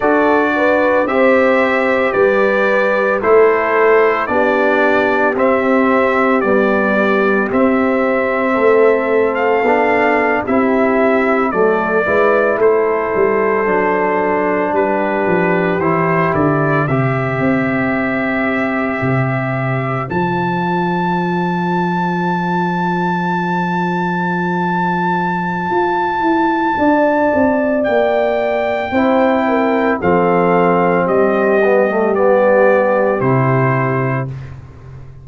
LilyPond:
<<
  \new Staff \with { instrumentName = "trumpet" } { \time 4/4 \tempo 4 = 56 d''4 e''4 d''4 c''4 | d''4 e''4 d''4 e''4~ | e''8. f''4 e''4 d''4 c''16~ | c''4.~ c''16 b'4 c''8 d''8 e''16~ |
e''2~ e''8. a''4~ a''16~ | a''1~ | a''2 g''2 | f''4 dis''4 d''4 c''4 | }
  \new Staff \with { instrumentName = "horn" } { \time 4/4 a'8 b'8 c''4 b'4 a'4 | g'1 | a'4.~ a'16 g'4 a'8 b'8 a'16~ | a'4.~ a'16 g'2 c''16~ |
c''1~ | c''1~ | c''4 d''2 c''8 ais'8 | a'4 g'2. | }
  \new Staff \with { instrumentName = "trombone" } { \time 4/4 fis'4 g'2 e'4 | d'4 c'4 g4 c'4~ | c'4 d'8. e'4 a8 e'8.~ | e'8. d'2 e'4 g'16~ |
g'2~ g'8. f'4~ f'16~ | f'1~ | f'2. e'4 | c'4. b16 a16 b4 e'4 | }
  \new Staff \with { instrumentName = "tuba" } { \time 4/4 d'4 c'4 g4 a4 | b4 c'4 b4 c'4 | a4 b8. c'4 fis8 gis8 a16~ | a16 g8 fis4 g8 f8 e8 d8 c16~ |
c16 c'4. c4 f4~ f16~ | f1 | f'8 e'8 d'8 c'8 ais4 c'4 | f4 g2 c4 | }
>>